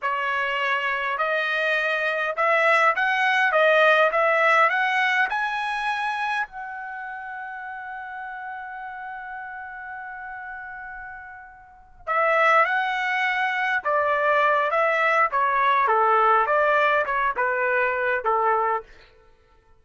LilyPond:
\new Staff \with { instrumentName = "trumpet" } { \time 4/4 \tempo 4 = 102 cis''2 dis''2 | e''4 fis''4 dis''4 e''4 | fis''4 gis''2 fis''4~ | fis''1~ |
fis''1~ | fis''8 e''4 fis''2 d''8~ | d''4 e''4 cis''4 a'4 | d''4 cis''8 b'4. a'4 | }